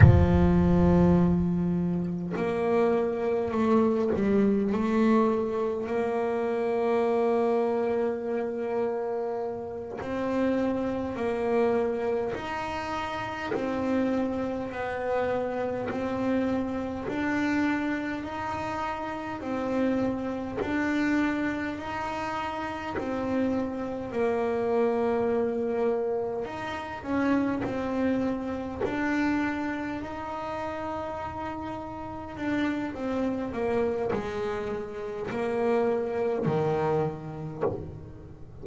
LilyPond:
\new Staff \with { instrumentName = "double bass" } { \time 4/4 \tempo 4 = 51 f2 ais4 a8 g8 | a4 ais2.~ | ais8 c'4 ais4 dis'4 c'8~ | c'8 b4 c'4 d'4 dis'8~ |
dis'8 c'4 d'4 dis'4 c'8~ | c'8 ais2 dis'8 cis'8 c'8~ | c'8 d'4 dis'2 d'8 | c'8 ais8 gis4 ais4 dis4 | }